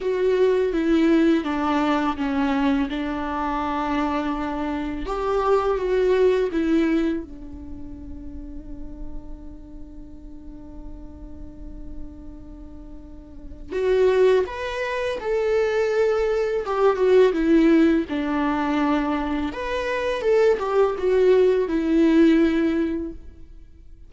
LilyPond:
\new Staff \with { instrumentName = "viola" } { \time 4/4 \tempo 4 = 83 fis'4 e'4 d'4 cis'4 | d'2. g'4 | fis'4 e'4 d'2~ | d'1~ |
d'2. fis'4 | b'4 a'2 g'8 fis'8 | e'4 d'2 b'4 | a'8 g'8 fis'4 e'2 | }